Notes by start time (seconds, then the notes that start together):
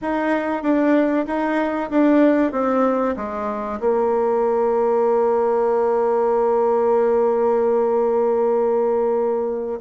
0.01 D#4
0.62 D4
1.26 D#4
1.90 D4
2.52 C4
3.16 G#3
3.80 A#3